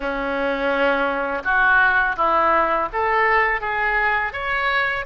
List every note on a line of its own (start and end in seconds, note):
0.00 1.43 C#4
1.43 2.16 F#4
2.16 2.88 E4
2.92 3.60 A4
3.60 4.32 G#4
4.32 5.05 C#5